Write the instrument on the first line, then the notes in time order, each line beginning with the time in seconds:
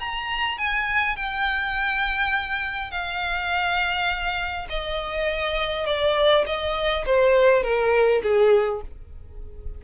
violin
0.00 A#5
0.58 G#5
1.16 G5
2.91 F5
4.70 D#5
5.86 D5
6.46 D#5
7.06 C5
7.63 A#4
8.22 G#4